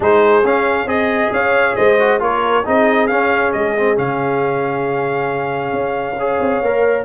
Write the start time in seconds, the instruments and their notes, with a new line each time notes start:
0.00 tuba G#3, trombone D#4, horn G#4, trumpet C5
0.43 tuba C#4, trombone C#4, trumpet F5
0.85 tuba C4, trombone G#4, horn D#5, trumpet D#5
1.31 tuba C#4, horn C#5, trumpet F5
1.75 tuba G#3, horn C5, trumpet D#5
1.99 trombone F#4
2.19 tuba A#3, trombone F4, horn A#4, trumpet C#5
2.64 tuba C4, trombone D#4, horn G#4, trumpet D#5
3.07 tuba C#4, trombone C#4, trumpet F5
3.52 tuba G#3, trumpet D#5
3.77 trombone C4
3.95 tuba C#3, trombone C#4, trumpet F5
5.73 tuba C#4
6.18 trombone G#4, horn C#5
6.40 tuba C4
6.61 tuba A#3, trombone A#4